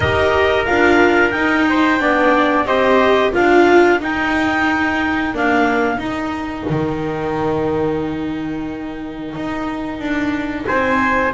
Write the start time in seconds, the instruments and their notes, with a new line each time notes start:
0.00 double bass D#4, viola G4, trumpet A#4, clarinet D#5
0.65 double bass D4, viola F4, clarinet F5
1.31 double bass D#4, viola D#4, clarinet G5
1.69 trumpet C5
1.99 double bass B3, viola D4, trumpet D5
2.65 double bass C4, viola G4, trumpet C5, clarinet D#5
3.32 double bass D4, viola F4, trumpet A#4, clarinet F5
3.99 viola D#4, double bass D#4, clarinet G5
5.33 viola A#3, double bass D4, clarinet F5
5.97 double bass D#4, viola D#4, clarinet G5
6.69 double bass D#3
9.34 double bass D#4
9.99 double bass D4
10.66 double bass C4, trumpet C5, clarinet G#5